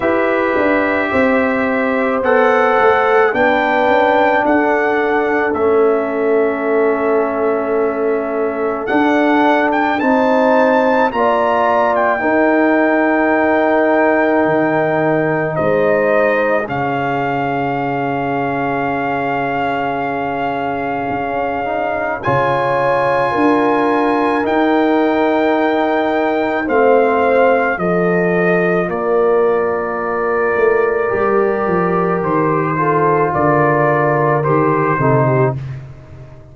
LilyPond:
<<
  \new Staff \with { instrumentName = "trumpet" } { \time 4/4 \tempo 4 = 54 e''2 fis''4 g''4 | fis''4 e''2. | fis''8. g''16 a''4 ais''8. g''4~ g''16~ | g''2 dis''4 f''4~ |
f''1 | gis''2 g''2 | f''4 dis''4 d''2~ | d''4 c''4 d''4 c''4 | }
  \new Staff \with { instrumentName = "horn" } { \time 4/4 b'4 c''2 b'4 | a'1~ | a'4 c''4 d''4 ais'4~ | ais'2 c''4 gis'4~ |
gis'1 | cis''4 ais'2. | c''4 a'4 ais'2~ | ais'4. a'8 ais'4. a'16 g'16 | }
  \new Staff \with { instrumentName = "trombone" } { \time 4/4 g'2 a'4 d'4~ | d'4 cis'2. | d'4 dis'4 f'4 dis'4~ | dis'2. cis'4~ |
cis'2.~ cis'8 dis'8 | f'2 dis'2 | c'4 f'2. | g'4. f'4. g'8 dis'8 | }
  \new Staff \with { instrumentName = "tuba" } { \time 4/4 e'8 d'8 c'4 b8 a8 b8 cis'8 | d'4 a2. | d'4 c'4 ais4 dis'4~ | dis'4 dis4 gis4 cis4~ |
cis2. cis'4 | cis4 d'4 dis'2 | a4 f4 ais4. a8 | g8 f8 dis4 d4 dis8 c8 | }
>>